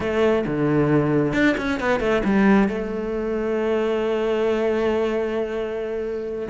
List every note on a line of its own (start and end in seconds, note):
0.00 0.44 A3
0.46 1.33 D3
1.33 1.55 D4
1.57 1.80 C#4
1.80 1.99 B3
1.99 2.22 A3
2.24 2.68 G3
2.68 6.48 A3